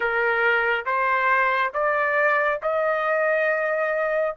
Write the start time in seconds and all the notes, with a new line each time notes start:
0.00 A#4
0.85 C5
1.73 D5
2.62 D#5